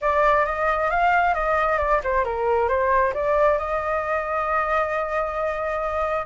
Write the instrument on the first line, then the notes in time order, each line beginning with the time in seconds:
flute
0.01 D5
0.45 D#5
0.90 F5
1.34 D#5
1.78 D5
2.03 C5
2.24 A#4
2.68 C5
3.14 D5
3.58 D#5